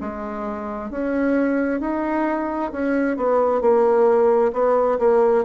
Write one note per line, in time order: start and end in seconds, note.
0.00 0.90 G#3
0.90 1.80 C#4
1.80 2.71 D#4
2.71 3.17 C#4
3.17 3.61 B3
3.61 4.52 A#3
4.52 4.98 B3
4.99 5.44 A#3